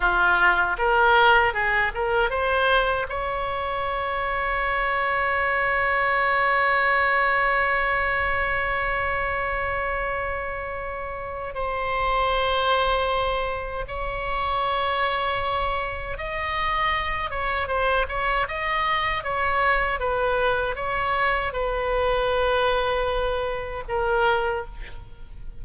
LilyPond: \new Staff \with { instrumentName = "oboe" } { \time 4/4 \tempo 4 = 78 f'4 ais'4 gis'8 ais'8 c''4 | cis''1~ | cis''1~ | cis''2. c''4~ |
c''2 cis''2~ | cis''4 dis''4. cis''8 c''8 cis''8 | dis''4 cis''4 b'4 cis''4 | b'2. ais'4 | }